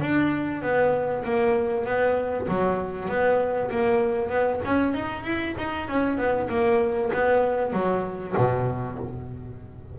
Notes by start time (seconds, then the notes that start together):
0.00 D4
0.62 B3
1.24 A#3
1.85 B3
2.48 F#3
3.08 B3
3.70 A#3
4.29 B3
4.65 C#4
4.94 D#4
5.24 E4
5.58 D#4
5.88 C#4
6.18 B3
6.49 A#3
7.13 B3
7.73 F#3
8.37 B2